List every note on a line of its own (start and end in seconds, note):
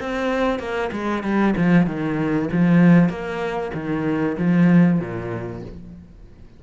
0.00 0.59 C4
0.59 0.90 A#3
0.92 1.23 G#3
1.23 1.54 G3
1.57 1.86 F3
1.86 2.49 D#3
2.52 3.09 F3
3.09 3.72 A#3
3.74 4.36 D#3
4.38 5.00 F3
5.00 5.62 A#2